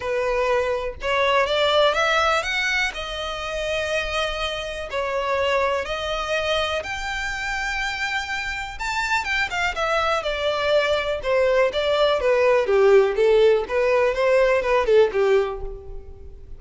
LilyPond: \new Staff \with { instrumentName = "violin" } { \time 4/4 \tempo 4 = 123 b'2 cis''4 d''4 | e''4 fis''4 dis''2~ | dis''2 cis''2 | dis''2 g''2~ |
g''2 a''4 g''8 f''8 | e''4 d''2 c''4 | d''4 b'4 g'4 a'4 | b'4 c''4 b'8 a'8 g'4 | }